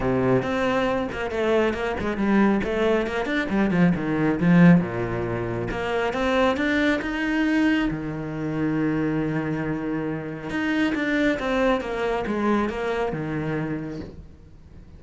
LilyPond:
\new Staff \with { instrumentName = "cello" } { \time 4/4 \tempo 4 = 137 c4 c'4. ais8 a4 | ais8 gis8 g4 a4 ais8 d'8 | g8 f8 dis4 f4 ais,4~ | ais,4 ais4 c'4 d'4 |
dis'2 dis2~ | dis1 | dis'4 d'4 c'4 ais4 | gis4 ais4 dis2 | }